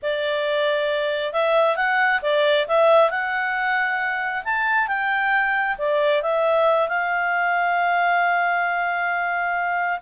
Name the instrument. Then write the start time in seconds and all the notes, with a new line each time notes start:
clarinet
0.02 D5
1.32 E5
1.76 F#5
2.22 D5
2.67 E5
3.10 F#5
4.44 A5
4.87 G5
5.78 D5
6.22 E5
6.88 F5